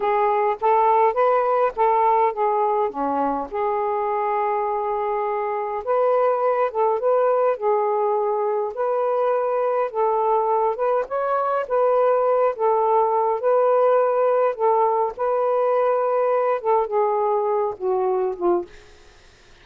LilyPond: \new Staff \with { instrumentName = "saxophone" } { \time 4/4 \tempo 4 = 103 gis'4 a'4 b'4 a'4 | gis'4 cis'4 gis'2~ | gis'2 b'4. a'8 | b'4 gis'2 b'4~ |
b'4 a'4. b'8 cis''4 | b'4. a'4. b'4~ | b'4 a'4 b'2~ | b'8 a'8 gis'4. fis'4 f'8 | }